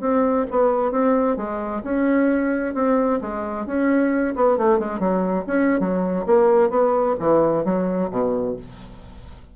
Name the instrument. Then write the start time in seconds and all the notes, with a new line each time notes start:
bassoon
0.00 C4
0.50 B3
0.91 C4
1.36 G#3
1.83 C#4
2.74 C4
3.21 G#3
3.66 C#4
4.35 B3
4.57 A3
4.79 G#3
4.99 F#3
5.47 C#4
5.80 F#3
6.26 A#3
6.70 B3
7.19 E3
7.64 F#3
8.11 B2